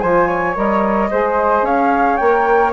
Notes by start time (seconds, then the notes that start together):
0.00 F3 F4 C5 G#5
0.27 C#5
0.54 G3 A#4 D#5
1.10 G#3 G#4 C5
1.62 C#4 C#5 F5
2.16 A#3 G5
2.22 A#4